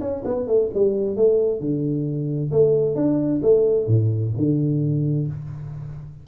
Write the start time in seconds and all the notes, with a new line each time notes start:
0.00 C#4
0.24 B3
0.47 A3
0.74 G3
1.16 A3
1.60 D3
2.51 A3
2.95 D4
3.42 A3
3.86 A2
4.36 D3